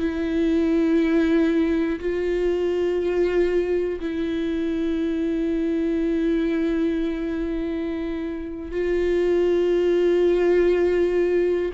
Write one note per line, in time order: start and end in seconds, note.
0.00 2.00 E4
2.00 4.00 F4
4.00 8.72 E4
8.72 11.72 F4